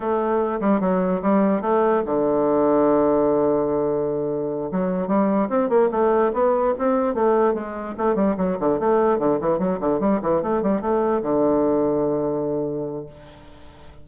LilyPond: \new Staff \with { instrumentName = "bassoon" } { \time 4/4 \tempo 4 = 147 a4. g8 fis4 g4 | a4 d2.~ | d2.~ d8 fis8~ | fis8 g4 c'8 ais8 a4 b8~ |
b8 c'4 a4 gis4 a8 | g8 fis8 d8 a4 d8 e8 fis8 | d8 g8 e8 a8 g8 a4 d8~ | d1 | }